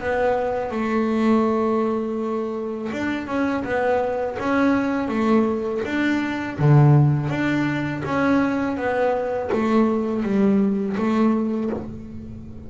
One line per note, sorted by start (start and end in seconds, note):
0.00 0.72 B3
0.72 2.91 A3
2.93 3.28 D4
3.28 3.64 C#4
3.65 4.38 B3
4.40 5.09 C#4
5.09 5.82 A3
5.86 6.59 D4
6.59 7.30 D3
7.30 8.03 D4
8.06 8.78 C#4
8.78 9.51 B3
9.53 10.24 A3
10.24 10.97 G3
10.98 11.71 A3